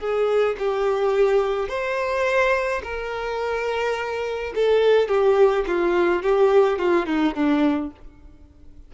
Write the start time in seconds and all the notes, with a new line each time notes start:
0.00 G#4
0.59 G4
1.69 C5
2.84 A#4
4.55 A4
5.08 G4
5.67 F4
6.23 G4
6.79 F4
7.07 D#4
7.35 D4